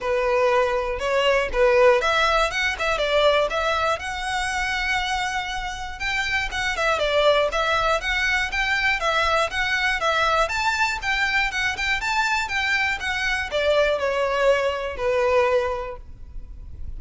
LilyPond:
\new Staff \with { instrumentName = "violin" } { \time 4/4 \tempo 4 = 120 b'2 cis''4 b'4 | e''4 fis''8 e''8 d''4 e''4 | fis''1 | g''4 fis''8 e''8 d''4 e''4 |
fis''4 g''4 e''4 fis''4 | e''4 a''4 g''4 fis''8 g''8 | a''4 g''4 fis''4 d''4 | cis''2 b'2 | }